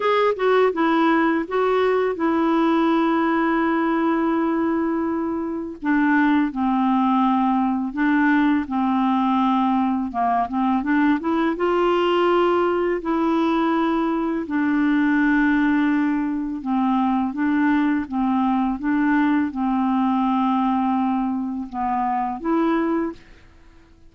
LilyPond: \new Staff \with { instrumentName = "clarinet" } { \time 4/4 \tempo 4 = 83 gis'8 fis'8 e'4 fis'4 e'4~ | e'1 | d'4 c'2 d'4 | c'2 ais8 c'8 d'8 e'8 |
f'2 e'2 | d'2. c'4 | d'4 c'4 d'4 c'4~ | c'2 b4 e'4 | }